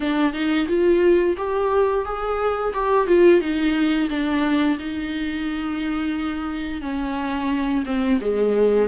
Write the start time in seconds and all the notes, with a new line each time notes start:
0.00 D4
0.33 D#4
0.68 F4
1.37 G4
2.05 G#4
2.73 G4
3.07 F4
3.40 D#4
4.09 D4
4.79 D#4
6.82 C#4
7.85 C4
8.21 G#3